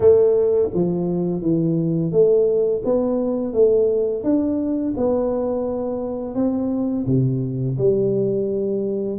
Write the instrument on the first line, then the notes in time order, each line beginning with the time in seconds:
tuba
0.00 A3
0.74 F3
1.41 E3
2.11 A3
2.84 B3
3.53 A3
4.23 D4
4.96 B3
6.35 C4
7.07 C3
7.78 G3